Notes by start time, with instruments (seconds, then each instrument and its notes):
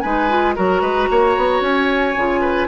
0.00 bassoon G#3, clarinet D#4, oboe B4, flute G#5
0.29 clarinet F4
0.56 bassoon F#3, clarinet F#4, oboe A#4, flute A#5
0.81 bassoon G#3, oboe B4
1.11 bassoon A#3, oboe C#5
1.37 bassoon B3
1.61 bassoon C#4, flute G#5
2.17 bassoon C#3, clarinet F4
2.41 oboe B4